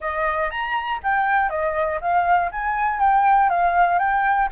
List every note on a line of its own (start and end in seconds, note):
0.00 0.50 D#5
0.50 1.00 A#5
1.03 1.49 G5
1.49 1.99 D#5
2.00 2.50 F5
2.51 2.99 G#5
2.99 3.49 G5
3.49 3.98 F5
3.98 4.48 G5